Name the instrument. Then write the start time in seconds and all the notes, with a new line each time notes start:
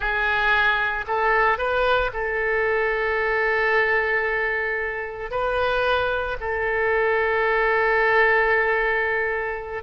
oboe
0.00 G#4
1.07 A4
1.57 B4
2.13 A4
5.30 B4
6.40 A4